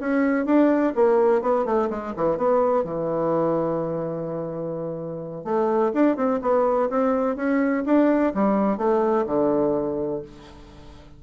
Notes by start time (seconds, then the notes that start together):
0.00 C#4
0.45 D4
0.95 A#3
1.41 B3
1.65 A3
1.90 G#3
2.16 E3
2.37 B3
2.84 E3
5.44 A3
5.94 D4
6.16 C4
6.42 B3
6.89 C4
7.36 C#4
7.85 D4
8.34 G3
8.78 A3
9.26 D3